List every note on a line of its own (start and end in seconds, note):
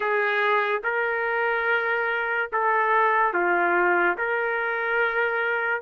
0.00 0.81 G#4
0.83 2.50 A#4
2.52 3.33 A4
3.33 4.17 F4
4.18 5.81 A#4